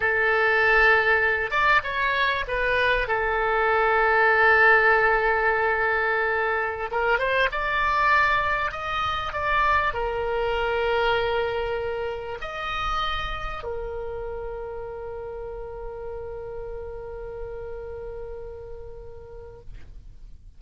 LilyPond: \new Staff \with { instrumentName = "oboe" } { \time 4/4 \tempo 4 = 98 a'2~ a'8 d''8 cis''4 | b'4 a'2.~ | a'2.~ a'16 ais'8 c''16~ | c''16 d''2 dis''4 d''8.~ |
d''16 ais'2.~ ais'8.~ | ais'16 dis''2 ais'4.~ ais'16~ | ais'1~ | ais'1 | }